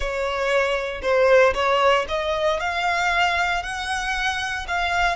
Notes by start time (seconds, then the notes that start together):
0.00 C#5
1.02 C5
1.54 C#5
2.08 D#5
2.60 F5
3.63 F#5
4.67 F5